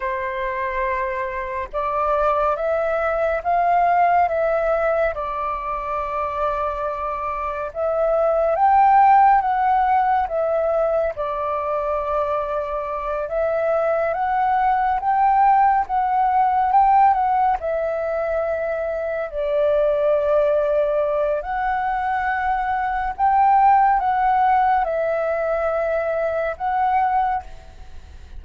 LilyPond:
\new Staff \with { instrumentName = "flute" } { \time 4/4 \tempo 4 = 70 c''2 d''4 e''4 | f''4 e''4 d''2~ | d''4 e''4 g''4 fis''4 | e''4 d''2~ d''8 e''8~ |
e''8 fis''4 g''4 fis''4 g''8 | fis''8 e''2 d''4.~ | d''4 fis''2 g''4 | fis''4 e''2 fis''4 | }